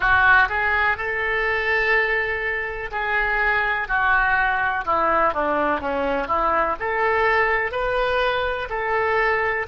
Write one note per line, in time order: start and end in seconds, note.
0.00 0.48 F#4
0.48 0.97 G#4
0.97 2.90 A4
2.91 3.88 G#4
3.88 4.84 F#4
4.85 5.33 E4
5.33 5.80 D4
5.80 6.27 C#4
6.27 6.75 E4
6.79 7.72 A4
7.72 8.68 B4
8.69 9.66 A4